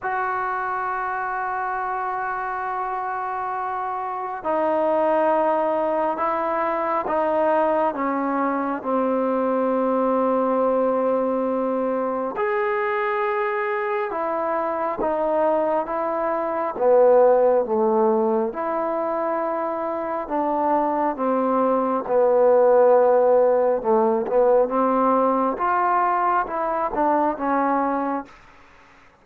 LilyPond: \new Staff \with { instrumentName = "trombone" } { \time 4/4 \tempo 4 = 68 fis'1~ | fis'4 dis'2 e'4 | dis'4 cis'4 c'2~ | c'2 gis'2 |
e'4 dis'4 e'4 b4 | a4 e'2 d'4 | c'4 b2 a8 b8 | c'4 f'4 e'8 d'8 cis'4 | }